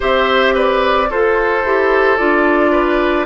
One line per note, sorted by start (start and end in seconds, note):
0.00 1.10 C4
0.00 1.07 G4
0.00 0.54 C5
0.00 0.56 E5
0.54 1.08 B4
0.54 1.11 D5
1.10 1.64 F4
1.10 2.71 A4
1.10 1.66 A4
1.10 2.17 C5
1.64 2.18 E4
1.64 2.17 G4
2.17 3.25 D4
2.17 3.25 F4
2.17 3.25 D5
2.71 3.25 B4